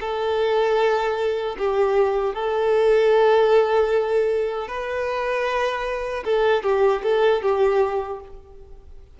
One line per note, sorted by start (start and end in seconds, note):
0.00 1.56 A4
1.58 2.34 G4
2.34 4.68 A4
4.68 6.23 B4
6.24 6.63 A4
6.63 7.02 G4
7.03 7.42 A4
7.42 8.20 G4